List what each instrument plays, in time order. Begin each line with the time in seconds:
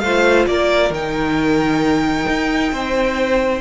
0.00 cello A3, viola F4, violin C5 F5
0.47 cello A#3, violin A#4 D5
0.90 cello D#3, viola D#4, violin G5
2.28 cello D#4
2.73 cello C4, violin C5